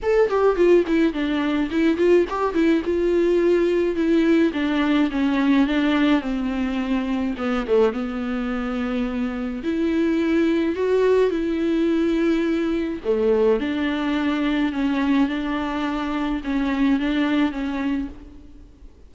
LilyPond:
\new Staff \with { instrumentName = "viola" } { \time 4/4 \tempo 4 = 106 a'8 g'8 f'8 e'8 d'4 e'8 f'8 | g'8 e'8 f'2 e'4 | d'4 cis'4 d'4 c'4~ | c'4 b8 a8 b2~ |
b4 e'2 fis'4 | e'2. a4 | d'2 cis'4 d'4~ | d'4 cis'4 d'4 cis'4 | }